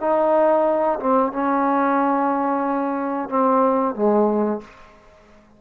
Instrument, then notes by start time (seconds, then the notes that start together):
trombone
0.00 D#4
1.00 C4
1.32 C#4
3.29 C4
3.95 G#3